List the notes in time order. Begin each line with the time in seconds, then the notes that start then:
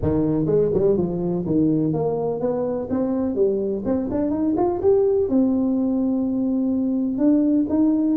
0.02 D#3
0.46 G#3
0.73 G3
0.97 F3
1.46 D#3
1.93 A#3
2.40 B3
2.90 C4
3.35 G3
3.85 C4
4.11 D4
4.30 D#4
4.56 F4
4.82 G4
5.28 C4
7.17 D4
7.69 D#4